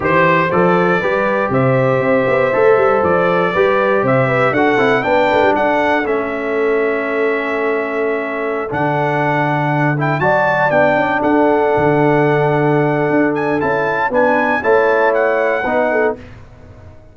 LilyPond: <<
  \new Staff \with { instrumentName = "trumpet" } { \time 4/4 \tempo 4 = 119 c''4 d''2 e''4~ | e''2 d''2 | e''4 fis''4 g''4 fis''4 | e''1~ |
e''4~ e''16 fis''2~ fis''8 g''16~ | g''16 a''4 g''4 fis''4.~ fis''16~ | fis''2~ fis''8 gis''8 a''4 | gis''4 a''4 fis''2 | }
  \new Staff \with { instrumentName = "horn" } { \time 4/4 c''2 b'4 c''4~ | c''2. b'4 | c''8 b'8 a'4 b'4 a'4~ | a'1~ |
a'1~ | a'16 d''2 a'4.~ a'16~ | a'1 | b'4 cis''2 b'8 a'8 | }
  \new Staff \with { instrumentName = "trombone" } { \time 4/4 g'4 a'4 g'2~ | g'4 a'2 g'4~ | g'4 fis'8 e'8 d'2 | cis'1~ |
cis'4~ cis'16 d'2~ d'8 e'16~ | e'16 fis'4 d'2~ d'8.~ | d'2. e'4 | d'4 e'2 dis'4 | }
  \new Staff \with { instrumentName = "tuba" } { \time 4/4 e4 f4 g4 c4 | c'8 b8 a8 g8 f4 g4 | c4 d'8 c'8 b8 a16 g16 d'4 | a1~ |
a4~ a16 d2~ d8.~ | d16 fis4 b8 cis'8 d'4 d8.~ | d2 d'4 cis'4 | b4 a2 b4 | }
>>